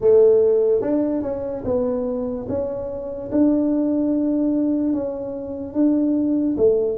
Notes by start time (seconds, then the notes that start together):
0.00 A3
0.81 D4
1.22 C#4
1.64 B3
2.48 C#4
3.31 D4
4.93 C#4
5.73 D4
6.57 A3